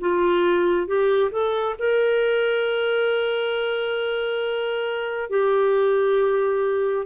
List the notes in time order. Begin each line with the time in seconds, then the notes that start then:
0.00 F4
0.87 G4
1.31 A4
1.78 A#4
5.30 G4